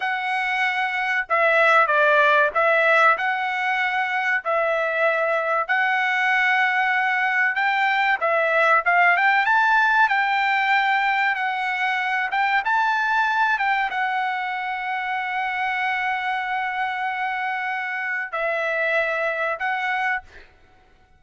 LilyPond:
\new Staff \with { instrumentName = "trumpet" } { \time 4/4 \tempo 4 = 95 fis''2 e''4 d''4 | e''4 fis''2 e''4~ | e''4 fis''2. | g''4 e''4 f''8 g''8 a''4 |
g''2 fis''4. g''8 | a''4. g''8 fis''2~ | fis''1~ | fis''4 e''2 fis''4 | }